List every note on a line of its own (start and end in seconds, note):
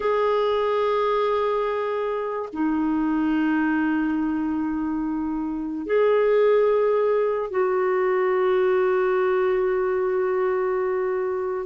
0.00 2.48 G#4
2.52 5.86 D#4
5.86 7.50 G#4
7.50 11.66 F#4